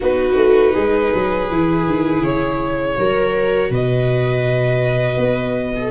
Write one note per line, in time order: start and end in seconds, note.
0.00 0.36 B3
0.00 1.49 D#4
0.00 0.73 F#4
0.00 2.23 B4
0.36 0.73 A3
0.73 1.12 G#3
0.73 2.95 G#4
1.14 1.50 F#3
1.49 1.87 E3
1.49 2.98 E4
1.87 2.21 D#3
2.21 2.95 C#3
2.21 3.71 C#5
2.98 3.70 F#3
2.98 5.91 F#4
2.98 3.70 A#4
3.70 5.17 B2
3.70 5.74 B4
3.70 5.91 D#5
5.17 5.91 B3
5.76 5.91 A4